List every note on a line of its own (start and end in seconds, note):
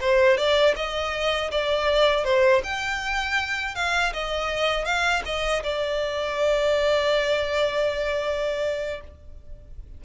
0.00 0.37 C5
0.37 0.74 D5
0.75 1.50 D#5
1.51 2.24 D5
2.24 2.61 C5
2.63 3.75 G5
3.75 4.12 F5
4.12 4.85 D#5
4.85 5.22 F5
5.25 5.62 D#5
5.63 9.00 D5